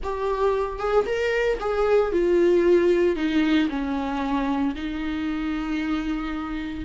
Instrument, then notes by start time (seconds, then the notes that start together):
viola
0.03 G4
0.78 G#4
1.06 A#4
1.60 G#4
2.11 F4
3.16 D#4
3.69 C#4
4.75 D#4